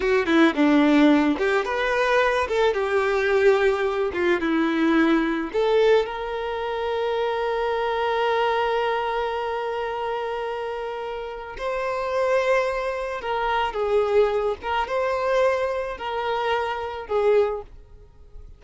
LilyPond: \new Staff \with { instrumentName = "violin" } { \time 4/4 \tempo 4 = 109 fis'8 e'8 d'4. g'8 b'4~ | b'8 a'8 g'2~ g'8 f'8 | e'2 a'4 ais'4~ | ais'1~ |
ais'1~ | ais'4 c''2. | ais'4 gis'4. ais'8 c''4~ | c''4 ais'2 gis'4 | }